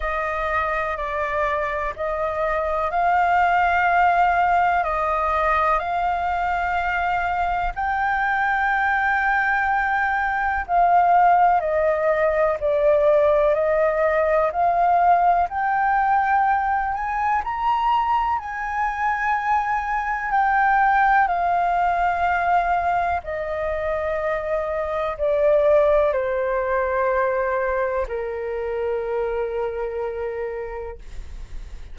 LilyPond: \new Staff \with { instrumentName = "flute" } { \time 4/4 \tempo 4 = 62 dis''4 d''4 dis''4 f''4~ | f''4 dis''4 f''2 | g''2. f''4 | dis''4 d''4 dis''4 f''4 |
g''4. gis''8 ais''4 gis''4~ | gis''4 g''4 f''2 | dis''2 d''4 c''4~ | c''4 ais'2. | }